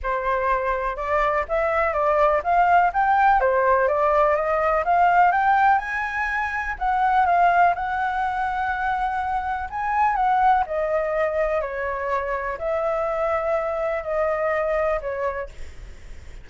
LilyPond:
\new Staff \with { instrumentName = "flute" } { \time 4/4 \tempo 4 = 124 c''2 d''4 e''4 | d''4 f''4 g''4 c''4 | d''4 dis''4 f''4 g''4 | gis''2 fis''4 f''4 |
fis''1 | gis''4 fis''4 dis''2 | cis''2 e''2~ | e''4 dis''2 cis''4 | }